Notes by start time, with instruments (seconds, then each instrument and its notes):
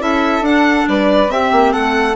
0.00 bassoon C#4, clarinet E4, flute A4, violin E5
0.41 bassoon D4, clarinet D4, violin F#5
0.88 bassoon G3, flute B4, violin D5
1.28 clarinet C4, bassoon C4, flute G4, violin E5
1.52 bassoon A#3
1.73 bassoon A3, flute A4, violin F#5